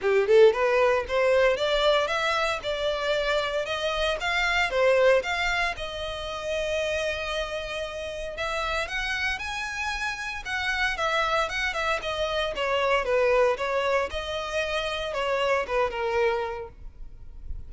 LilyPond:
\new Staff \with { instrumentName = "violin" } { \time 4/4 \tempo 4 = 115 g'8 a'8 b'4 c''4 d''4 | e''4 d''2 dis''4 | f''4 c''4 f''4 dis''4~ | dis''1 |
e''4 fis''4 gis''2 | fis''4 e''4 fis''8 e''8 dis''4 | cis''4 b'4 cis''4 dis''4~ | dis''4 cis''4 b'8 ais'4. | }